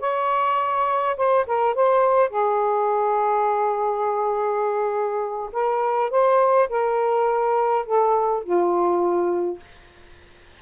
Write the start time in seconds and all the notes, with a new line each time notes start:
0.00 C#5
1.17 C5
1.47 A#4
1.75 C5
2.30 G#4
5.52 A#4
6.11 C5
6.69 A#4
7.86 A4
8.44 F4